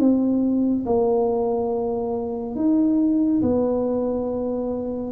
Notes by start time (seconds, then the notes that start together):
0.00 C4
0.86 A#3
2.56 D#4
3.42 B3